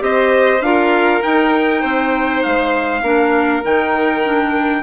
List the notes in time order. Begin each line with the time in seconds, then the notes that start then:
0.00 C4 G4 C5 D#5
0.61 D4 F4 A#4 F5
1.22 D#4 G5
1.81 C4 C5
2.43 G#3 F5
3.02 A#3 D4 A#4
3.64 D#3 D#4 G5
4.25 D4